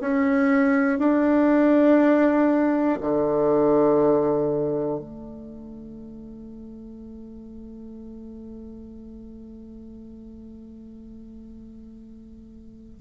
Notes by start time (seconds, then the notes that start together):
0.00 C#4
0.99 D4
3.00 D3
4.99 A3